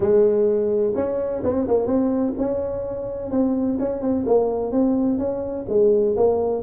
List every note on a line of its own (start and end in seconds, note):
0.00 0.93 G#3
0.95 1.42 C#4
1.43 1.67 C4
1.67 1.86 A#3
1.86 2.33 C4
2.38 3.30 C#4
3.30 3.78 C4
3.79 4.01 C#4
4.01 4.25 C4
4.26 4.71 A#3
4.71 5.18 C4
5.18 5.65 C#4
5.68 6.15 G#3
6.16 6.62 A#3